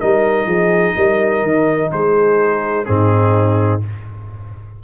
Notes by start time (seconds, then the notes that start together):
0.00 G3 D#4 A#4 D#5
0.46 F3 G#4
0.96 G3 A#4
1.43 D#3
1.92 G#3 G#4 C5
2.85 G#2 C4 D#4 G#4